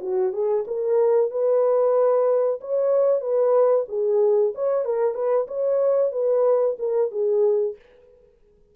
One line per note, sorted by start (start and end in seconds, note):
0.00 0.32 F#4
0.32 0.65 G#4
0.67 1.30 A#4
1.30 2.60 B4
2.60 3.20 C#5
3.20 3.85 B4
3.88 4.52 G#4
4.55 4.84 C#5
4.84 5.14 A#4
5.14 5.46 B4
5.47 6.12 C#5
6.12 6.76 B4
6.78 7.11 A#4
7.11 7.75 G#4